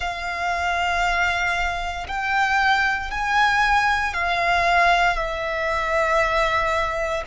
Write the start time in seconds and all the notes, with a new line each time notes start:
0.00 F5
2.07 G5
3.10 G#5
4.13 F5
5.16 E5